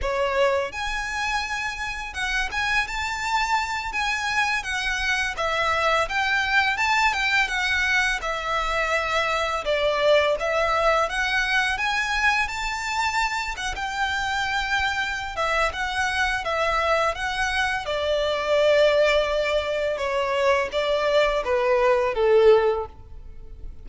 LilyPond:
\new Staff \with { instrumentName = "violin" } { \time 4/4 \tempo 4 = 84 cis''4 gis''2 fis''8 gis''8 | a''4. gis''4 fis''4 e''8~ | e''8 g''4 a''8 g''8 fis''4 e''8~ | e''4. d''4 e''4 fis''8~ |
fis''8 gis''4 a''4. fis''16 g''8.~ | g''4. e''8 fis''4 e''4 | fis''4 d''2. | cis''4 d''4 b'4 a'4 | }